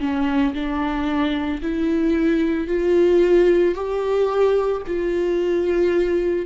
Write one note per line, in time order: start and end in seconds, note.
0.00 0.54 C#4
0.54 1.61 D4
1.62 2.67 E4
2.67 3.75 F4
3.75 4.82 G4
4.87 6.46 F4